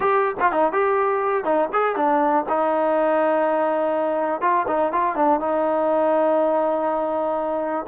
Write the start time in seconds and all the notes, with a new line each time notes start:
0.00 G4
0.40 F4
0.52 D#4
0.72 G4
1.44 D#4
1.72 G#4
1.96 D4
2.48 D#4
4.41 F4
4.67 D#4
4.92 F4
5.15 D4
5.40 D#4